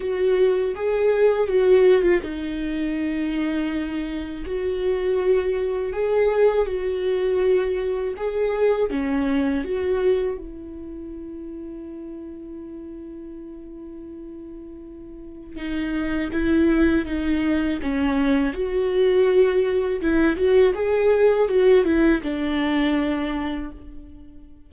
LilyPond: \new Staff \with { instrumentName = "viola" } { \time 4/4 \tempo 4 = 81 fis'4 gis'4 fis'8. f'16 dis'4~ | dis'2 fis'2 | gis'4 fis'2 gis'4 | cis'4 fis'4 e'2~ |
e'1~ | e'4 dis'4 e'4 dis'4 | cis'4 fis'2 e'8 fis'8 | gis'4 fis'8 e'8 d'2 | }